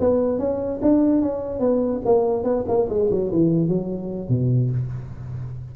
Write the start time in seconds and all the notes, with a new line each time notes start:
0.00 B3
0.39 C#4
0.82 D4
1.22 C#4
1.60 B3
2.05 A#3
2.44 B3
2.68 A#3
2.89 G#3
3.11 F#3
3.31 E3
3.68 F#3
4.29 B2